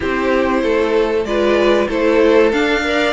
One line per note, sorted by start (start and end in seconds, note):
0.00 0.62 C4
0.00 1.24 E4
0.00 0.61 G4
0.00 1.25 C5
0.62 1.24 A3
0.62 1.26 A4
1.24 1.87 G#3
1.24 1.89 F4
1.24 1.88 B4
1.24 1.88 D5
1.88 2.52 A3
1.88 2.52 E4
1.88 2.82 A4
1.88 2.51 C5
2.51 3.13 D4
2.51 2.83 D4
2.51 3.13 F5
2.83 3.13 A#4
2.83 3.13 D5